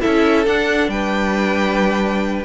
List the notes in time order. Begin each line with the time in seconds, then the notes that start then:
0.00 C#4 E4 A4 E5
0.46 D4 F#5
0.88 G3 B4 G5